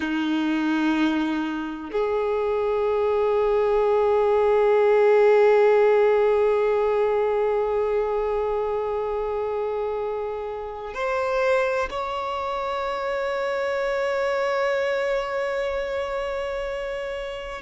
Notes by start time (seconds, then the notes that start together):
0.00 D#4
1.92 G#4
10.94 C5
11.90 C#5